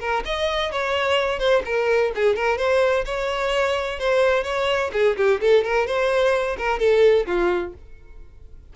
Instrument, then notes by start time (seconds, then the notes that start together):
violin
0.00 A#4
0.25 D#5
0.72 C#5
1.39 C5
1.65 A#4
2.15 G#4
2.35 A#4
2.58 C5
3.06 C#5
3.99 C5
4.44 C#5
4.93 G#4
5.17 G4
5.41 A4
5.64 A#4
5.87 C5
6.58 A#4
6.79 A4
7.27 F4